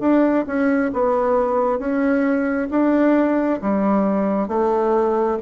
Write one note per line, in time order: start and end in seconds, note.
0.00 0.45 D4
0.47 0.92 C#4
0.93 1.79 B3
1.79 2.68 C#4
2.70 3.60 D4
3.61 4.48 G3
4.48 5.37 A3